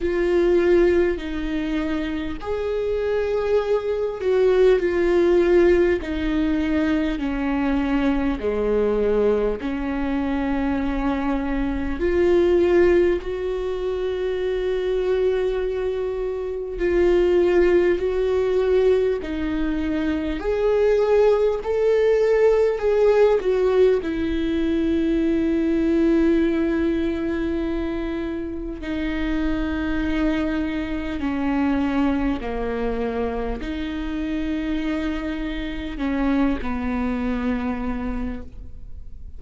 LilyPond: \new Staff \with { instrumentName = "viola" } { \time 4/4 \tempo 4 = 50 f'4 dis'4 gis'4. fis'8 | f'4 dis'4 cis'4 gis4 | cis'2 f'4 fis'4~ | fis'2 f'4 fis'4 |
dis'4 gis'4 a'4 gis'8 fis'8 | e'1 | dis'2 cis'4 ais4 | dis'2 cis'8 b4. | }